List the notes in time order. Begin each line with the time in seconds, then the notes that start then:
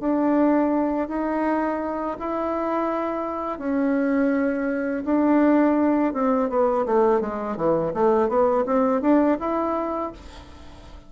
0.00 D4
1.08 D#4
2.19 E4
3.59 C#4
5.05 D4
6.13 C4
6.49 B3
6.86 A3
7.21 G#3
7.57 E3
7.94 A3
8.29 B3
8.66 C4
9.01 D4
9.40 E4